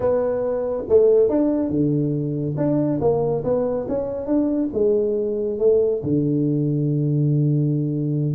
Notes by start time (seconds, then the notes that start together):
0.00 B3
0.88 A3
1.29 D4
1.69 D3
2.57 D4
3.00 A#3
3.44 B3
3.88 C#4
4.26 D4
4.73 G#3
5.58 A3
6.03 D3